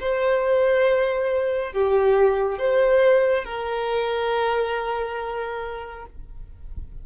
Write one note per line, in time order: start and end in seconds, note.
0.00 1.72 C5
1.72 2.58 G4
2.58 3.45 C5
3.45 6.06 A#4